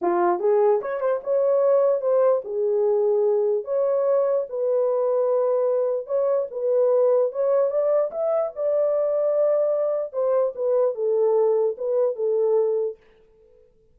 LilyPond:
\new Staff \with { instrumentName = "horn" } { \time 4/4 \tempo 4 = 148 f'4 gis'4 cis''8 c''8 cis''4~ | cis''4 c''4 gis'2~ | gis'4 cis''2 b'4~ | b'2. cis''4 |
b'2 cis''4 d''4 | e''4 d''2.~ | d''4 c''4 b'4 a'4~ | a'4 b'4 a'2 | }